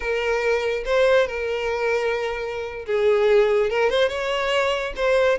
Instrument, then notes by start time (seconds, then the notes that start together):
violin
0.00 A#4
0.85 C5
1.27 A#4
2.86 G#4
3.70 A#4
3.90 C5
4.08 C#5
4.96 C5